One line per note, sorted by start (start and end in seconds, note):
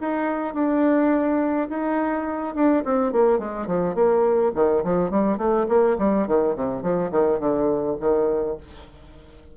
0.00 0.54 D#4
0.54 1.68 D4
1.69 2.54 D#4
2.54 2.83 D4
2.84 3.12 C4
3.12 3.38 A#3
3.38 3.66 G#3
3.66 3.95 F3
3.95 4.52 A#3
4.55 4.83 D#3
4.84 5.10 F3
5.10 5.37 G3
5.37 5.66 A3
5.68 5.96 A#3
5.98 6.27 G3
6.27 6.55 D#3
6.55 6.82 C3
6.82 7.10 F3
7.11 7.39 D#3
7.39 7.96 D3
7.99 8.57 D#3